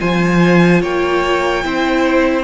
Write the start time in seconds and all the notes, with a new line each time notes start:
0.00 F3 F4 C5 G#5
0.82 A#3 C#5 G5
1.64 C4 E4 C5